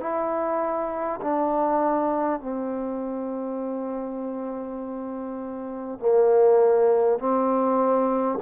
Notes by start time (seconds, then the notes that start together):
0.00 E4
1.21 D4
2.40 C4
5.99 A#3
7.18 C4